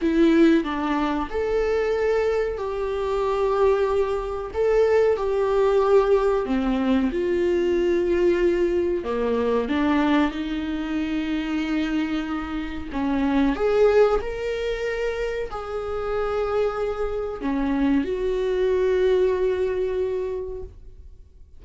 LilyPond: \new Staff \with { instrumentName = "viola" } { \time 4/4 \tempo 4 = 93 e'4 d'4 a'2 | g'2. a'4 | g'2 c'4 f'4~ | f'2 ais4 d'4 |
dis'1 | cis'4 gis'4 ais'2 | gis'2. cis'4 | fis'1 | }